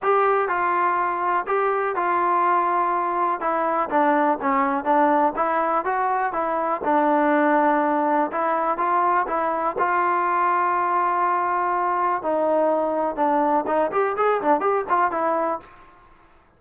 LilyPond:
\new Staff \with { instrumentName = "trombone" } { \time 4/4 \tempo 4 = 123 g'4 f'2 g'4 | f'2. e'4 | d'4 cis'4 d'4 e'4 | fis'4 e'4 d'2~ |
d'4 e'4 f'4 e'4 | f'1~ | f'4 dis'2 d'4 | dis'8 g'8 gis'8 d'8 g'8 f'8 e'4 | }